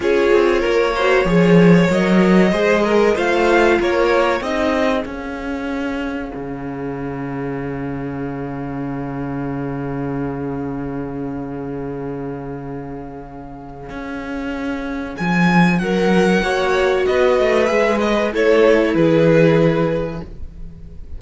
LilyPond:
<<
  \new Staff \with { instrumentName = "violin" } { \time 4/4 \tempo 4 = 95 cis''2. dis''4~ | dis''4 f''4 cis''4 dis''4 | f''1~ | f''1~ |
f''1~ | f''1 | gis''4 fis''2 dis''4 | e''8 dis''8 cis''4 b'2 | }
  \new Staff \with { instrumentName = "violin" } { \time 4/4 gis'4 ais'8 c''8 cis''2 | c''8 ais'8 c''4 ais'4 gis'4~ | gis'1~ | gis'1~ |
gis'1~ | gis'1~ | gis'4 ais'4 cis''4 b'4~ | b'4 a'4 gis'2 | }
  \new Staff \with { instrumentName = "viola" } { \time 4/4 f'4. fis'8 gis'4 ais'4 | gis'4 f'2 dis'4 | cis'1~ | cis'1~ |
cis'1~ | cis'1~ | cis'2 fis'2 | gis'8 b'8 e'2. | }
  \new Staff \with { instrumentName = "cello" } { \time 4/4 cis'8 c'8 ais4 f4 fis4 | gis4 a4 ais4 c'4 | cis'2 cis2~ | cis1~ |
cis1~ | cis2 cis'2 | f4 fis4 ais4 b8 a8 | gis4 a4 e2 | }
>>